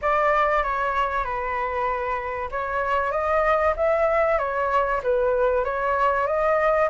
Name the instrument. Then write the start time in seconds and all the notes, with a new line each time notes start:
flute
0.01 D5
0.62 C#5
1.24 B4
2.51 C#5
3.11 D#5
3.76 E5
4.38 C#5
5.03 B4
5.64 C#5
6.26 D#5